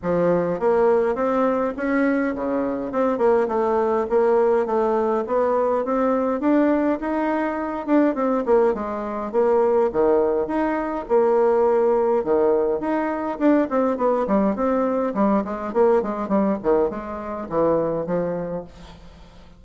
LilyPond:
\new Staff \with { instrumentName = "bassoon" } { \time 4/4 \tempo 4 = 103 f4 ais4 c'4 cis'4 | cis4 c'8 ais8 a4 ais4 | a4 b4 c'4 d'4 | dis'4. d'8 c'8 ais8 gis4 |
ais4 dis4 dis'4 ais4~ | ais4 dis4 dis'4 d'8 c'8 | b8 g8 c'4 g8 gis8 ais8 gis8 | g8 dis8 gis4 e4 f4 | }